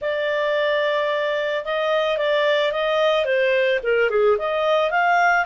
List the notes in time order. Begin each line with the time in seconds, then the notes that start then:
0.01 D5
1.64 D#5
2.17 D5
2.72 D#5
3.25 C5
3.83 A#4
4.10 G#4
4.38 D#5
4.90 F5